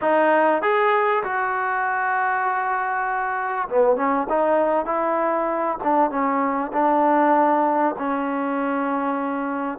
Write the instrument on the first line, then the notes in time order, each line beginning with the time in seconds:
trombone
0.01 D#4
0.62 G#4
1.23 F#4
3.68 B3
3.96 C#4
4.29 D#4
4.85 E4
5.83 D4
6.10 C#4
6.72 D4
7.98 C#4